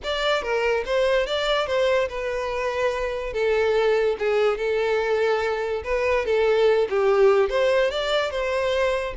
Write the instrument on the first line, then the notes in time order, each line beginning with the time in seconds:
violin
0.03 D5
0.42 A#4
0.85 C5
1.26 D5
1.66 C5
2.08 B4
3.33 A4
4.18 G#4
4.57 A4
5.84 B4
6.25 A4
6.89 G4
7.49 C5
7.90 D5
8.30 C5